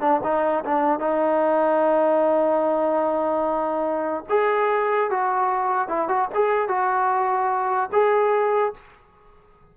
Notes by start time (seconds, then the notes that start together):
0.00 D4
0.23 D#4
0.64 D4
0.99 D#4
4.29 G#4
5.10 F#4
5.88 E4
6.08 F#4
6.34 G#4
6.68 F#4
7.92 G#4